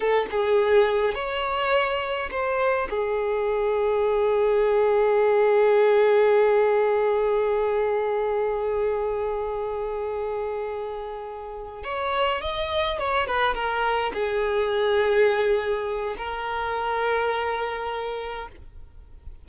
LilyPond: \new Staff \with { instrumentName = "violin" } { \time 4/4 \tempo 4 = 104 a'8 gis'4. cis''2 | c''4 gis'2.~ | gis'1~ | gis'1~ |
gis'1~ | gis'8 cis''4 dis''4 cis''8 b'8 ais'8~ | ais'8 gis'2.~ gis'8 | ais'1 | }